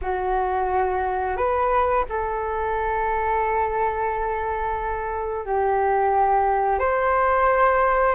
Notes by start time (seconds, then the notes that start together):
0.01 F#4
1.36 B4
2.09 A4
5.45 G4
6.79 C5